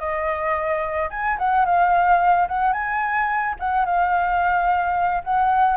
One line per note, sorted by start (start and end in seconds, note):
0.00 1.10 D#5
1.10 1.38 G#5
1.39 1.66 F#5
1.66 2.48 F5
2.48 2.73 F#5
2.73 3.56 G#5
3.60 3.86 F#5
3.86 5.23 F5
5.24 5.77 F#5